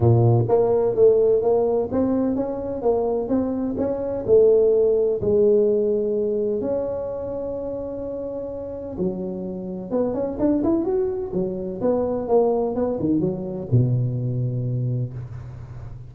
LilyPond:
\new Staff \with { instrumentName = "tuba" } { \time 4/4 \tempo 4 = 127 ais,4 ais4 a4 ais4 | c'4 cis'4 ais4 c'4 | cis'4 a2 gis4~ | gis2 cis'2~ |
cis'2. fis4~ | fis4 b8 cis'8 d'8 e'8 fis'4 | fis4 b4 ais4 b8 dis8 | fis4 b,2. | }